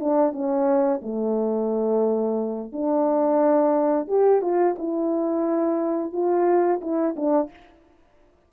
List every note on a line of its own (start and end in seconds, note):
0.00 0.33 D4
0.33 1.01 C#4
1.02 2.72 A3
2.72 4.08 D4
4.08 4.42 G4
4.42 4.76 F4
4.78 6.12 E4
6.12 6.81 F4
6.81 7.15 E4
7.16 7.50 D4